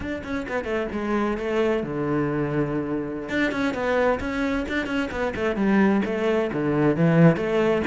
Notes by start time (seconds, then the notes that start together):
0.00 D4
0.23 C#4
0.48 B3
0.64 A3
0.92 G#3
1.37 A3
1.83 D3
3.29 D4
3.51 C#4
3.74 B3
4.20 C#4
4.68 D4
4.86 C#4
5.11 B3
5.35 A3
5.56 G3
6.05 A3
6.52 D3
6.96 E3
7.36 A3